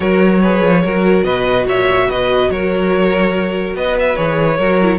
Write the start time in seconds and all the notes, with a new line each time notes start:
0.00 F#3 F#4 A#4 C#5
0.41 G#4 B4
0.62 F3
0.84 F#3 F#4 A#4
1.23 B2 B4 D#5
1.66 A#2 C#5 E5
2.08 B2 B4 D#5
2.49 F#3 A#4 C#5
3.74 B3 B4 D#5
3.99 E5
4.16 E3 G#4 C#5
4.57 F#3 F#4 A#4
4.81 E4